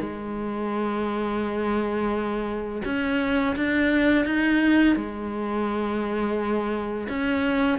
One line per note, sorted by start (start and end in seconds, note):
0.00 2.82 G#3
2.85 3.56 C#4
3.56 4.26 D4
4.26 4.96 D#4
4.96 7.08 G#3
7.09 7.79 C#4